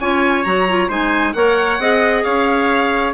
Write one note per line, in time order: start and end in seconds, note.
0.00 0.45 C#4
0.00 0.45 F4
0.00 0.88 C#5
0.00 0.44 G#5
0.44 0.89 F#3
0.44 0.67 F#4
0.44 0.88 A#5
0.69 0.89 F4
0.88 1.33 G#3
0.88 1.34 D#4
0.88 1.33 C5
0.88 1.33 G#5
1.33 1.79 A#3
1.33 1.79 A#4
1.33 1.80 C#5
1.33 2.23 F#5
1.79 2.23 C4
1.79 3.13 G#4
1.79 2.25 D#5
2.23 3.13 C#4
2.23 3.13 C#5
2.23 3.13 F5